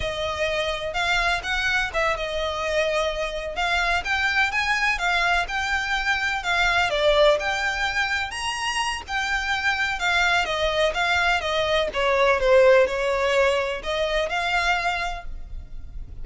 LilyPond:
\new Staff \with { instrumentName = "violin" } { \time 4/4 \tempo 4 = 126 dis''2 f''4 fis''4 | e''8 dis''2. f''8~ | f''8 g''4 gis''4 f''4 g''8~ | g''4. f''4 d''4 g''8~ |
g''4. ais''4. g''4~ | g''4 f''4 dis''4 f''4 | dis''4 cis''4 c''4 cis''4~ | cis''4 dis''4 f''2 | }